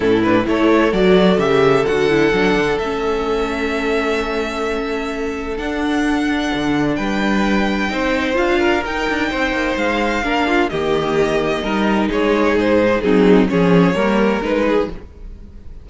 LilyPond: <<
  \new Staff \with { instrumentName = "violin" } { \time 4/4 \tempo 4 = 129 a'8 b'8 cis''4 d''4 e''4 | fis''2 e''2~ | e''1 | fis''2. g''4~ |
g''2 f''4 g''4~ | g''4 f''2 dis''4~ | dis''2 cis''4 c''4 | gis'4 cis''2 b'4 | }
  \new Staff \with { instrumentName = "violin" } { \time 4/4 e'4 a'2.~ | a'1~ | a'1~ | a'2. b'4~ |
b'4 c''4. ais'4. | c''2 ais'8 f'8 g'4~ | g'4 ais'4 gis'2 | dis'4 gis'4 ais'4. gis'8 | }
  \new Staff \with { instrumentName = "viola" } { \time 4/4 cis'8 d'8 e'4 fis'4 g'4 | fis'8 e'8 d'4 cis'2~ | cis'1 | d'1~ |
d'4 dis'4 f'4 dis'4~ | dis'2 d'4 ais4~ | ais4 dis'2. | c'4 cis'4 ais4 dis'4 | }
  \new Staff \with { instrumentName = "cello" } { \time 4/4 a,4 a4 fis4 cis4 | d4 fis8 d8 a2~ | a1 | d'2 d4 g4~ |
g4 c'4 d'4 dis'8 d'8 | c'8 ais8 gis4 ais4 dis4~ | dis4 g4 gis4 gis,4 | fis4 f4 g4 gis4 | }
>>